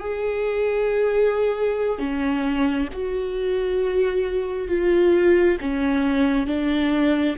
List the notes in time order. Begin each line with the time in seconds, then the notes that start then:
0.00 G#4
1.99 C#4
2.93 F#4
4.69 F4
5.61 C#4
6.47 D4